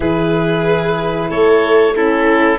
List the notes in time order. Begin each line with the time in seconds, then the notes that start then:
0.00 E3 E4 G#4 B4
1.29 A3 A4 C#5
1.95 C#4 E4 A4